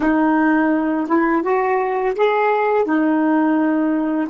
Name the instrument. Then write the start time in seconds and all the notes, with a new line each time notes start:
saxophone
0.00 D#4
1.07 E4
1.43 F#4
2.15 G#4
2.84 D#4